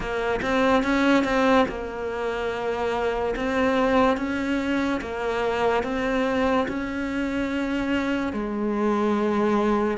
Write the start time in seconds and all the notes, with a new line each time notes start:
0.00 A#3
0.42 C4
0.83 C#4
1.23 C4
1.68 A#3
3.35 C4
4.17 C#4
5.01 A#3
5.83 C4
6.67 C#4
8.33 G#3